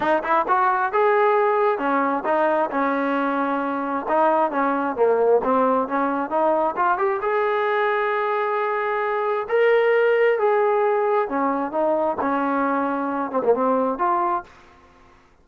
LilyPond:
\new Staff \with { instrumentName = "trombone" } { \time 4/4 \tempo 4 = 133 dis'8 e'8 fis'4 gis'2 | cis'4 dis'4 cis'2~ | cis'4 dis'4 cis'4 ais4 | c'4 cis'4 dis'4 f'8 g'8 |
gis'1~ | gis'4 ais'2 gis'4~ | gis'4 cis'4 dis'4 cis'4~ | cis'4. c'16 ais16 c'4 f'4 | }